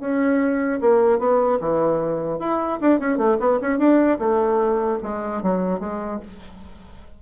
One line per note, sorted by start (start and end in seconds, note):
0.00 0.80 C#4
0.81 1.19 A#3
1.19 1.59 B3
1.60 2.39 E3
2.39 2.79 E4
2.81 3.00 D4
3.00 3.17 C#4
3.17 3.37 A3
3.39 3.59 B3
3.61 3.78 C#4
3.78 4.18 D4
4.19 4.99 A3
5.03 5.42 G#3
5.42 5.80 F#3
5.80 6.20 G#3